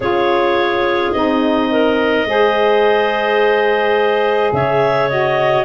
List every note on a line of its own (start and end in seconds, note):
0.00 1.12 C#4
0.00 1.14 F4
0.00 1.69 G#4
0.00 1.12 C#5
1.12 2.24 C4
1.12 2.27 D#4
1.12 4.51 D#5
1.70 2.27 A#4
2.24 4.50 G#3
2.24 5.09 G#4
2.24 4.53 C5
4.52 5.64 C#3
4.52 5.64 C#5
4.52 5.09 E5
5.09 5.64 F#4
5.09 5.64 D#5